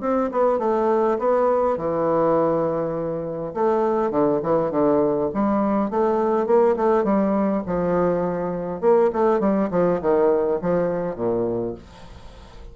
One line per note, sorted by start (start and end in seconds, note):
0.00 0.29 C4
0.31 0.59 B3
0.59 1.18 A3
1.18 1.77 B3
1.77 3.53 E3
3.53 4.10 A3
4.10 4.40 D3
4.43 4.71 E3
4.71 5.29 D3
5.34 5.90 G3
5.90 6.46 A3
6.46 6.75 A#3
6.76 7.04 A3
7.04 7.63 G3
7.66 8.80 F3
8.80 9.10 A#3
9.12 9.40 A3
9.40 9.69 G3
9.71 10.00 F3
10.01 10.60 D#3
10.61 11.16 F3
11.16 11.74 A#2